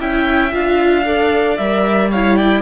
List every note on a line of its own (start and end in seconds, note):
0.00 0.53 C#4
0.00 0.52 E4
0.00 1.06 E5
0.00 0.54 G5
0.52 1.59 D4
0.52 1.05 F4
0.52 1.58 F5
1.06 1.58 A4
1.06 2.12 D5
1.58 2.62 G3
1.58 2.12 A#4
1.58 2.10 E5
2.12 2.62 E4
2.12 2.37 C#5
2.12 2.37 F5
2.37 2.62 D5
2.37 2.62 G5